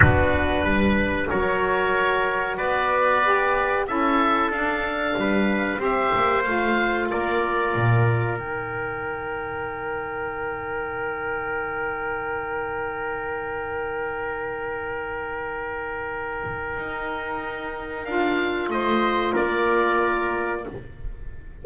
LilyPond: <<
  \new Staff \with { instrumentName = "oboe" } { \time 4/4 \tempo 4 = 93 b'2 cis''2 | d''2 e''4 f''4~ | f''4 e''4 f''4 d''4~ | d''4 g''2.~ |
g''1~ | g''1~ | g''1 | f''4 dis''4 d''2 | }
  \new Staff \with { instrumentName = "trumpet" } { \time 4/4 fis'4 b'4 ais'2 | b'2 a'2 | b'4 c''2 ais'4~ | ais'1~ |
ais'1~ | ais'1~ | ais'1~ | ais'4 c''4 ais'2 | }
  \new Staff \with { instrumentName = "saxophone" } { \time 4/4 d'2 fis'2~ | fis'4 g'4 e'4 d'4~ | d'4 g'4 f'2~ | f'4 dis'2.~ |
dis'1~ | dis'1~ | dis'1 | f'1 | }
  \new Staff \with { instrumentName = "double bass" } { \time 4/4 b4 g4 fis2 | b2 cis'4 d'4 | g4 c'8 ais8 a4 ais4 | ais,4 dis2.~ |
dis1~ | dis1~ | dis2 dis'2 | d'4 a4 ais2 | }
>>